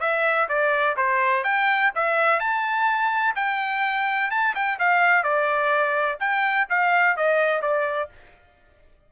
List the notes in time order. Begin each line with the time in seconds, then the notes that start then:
0.00 E5
0.48 D5
0.97 C5
1.44 G5
1.95 E5
2.40 A5
3.35 G5
4.31 A5
4.55 G5
4.79 F5
5.23 D5
6.19 G5
6.69 F5
7.16 D#5
7.62 D5